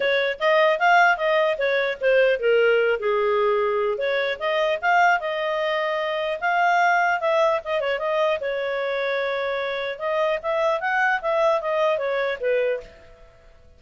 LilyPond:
\new Staff \with { instrumentName = "clarinet" } { \time 4/4 \tempo 4 = 150 cis''4 dis''4 f''4 dis''4 | cis''4 c''4 ais'4. gis'8~ | gis'2 cis''4 dis''4 | f''4 dis''2. |
f''2 e''4 dis''8 cis''8 | dis''4 cis''2.~ | cis''4 dis''4 e''4 fis''4 | e''4 dis''4 cis''4 b'4 | }